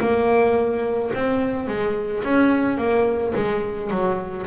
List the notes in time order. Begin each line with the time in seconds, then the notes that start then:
0.00 A#3
1.14 C4
1.67 G#3
2.23 C#4
2.77 A#3
3.35 G#3
3.90 F#3